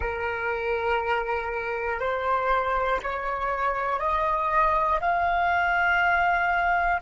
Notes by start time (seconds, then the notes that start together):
0.00 A#4
2.00 C5
3.02 C#5
4.00 D#5
5.00 F5